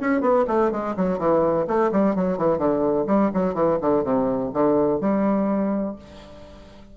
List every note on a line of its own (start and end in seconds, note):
0.00 0.21 C#4
0.21 0.45 B3
0.47 0.71 A3
0.71 0.95 G#3
0.96 1.19 F#3
1.19 1.66 E3
1.67 1.91 A3
1.92 2.15 G3
2.15 2.37 F#3
2.37 2.58 E3
2.58 3.06 D3
3.07 3.31 G3
3.34 3.54 F#3
3.54 3.78 E3
3.81 4.04 D3
4.04 4.51 C3
4.53 5.00 D3
5.00 5.95 G3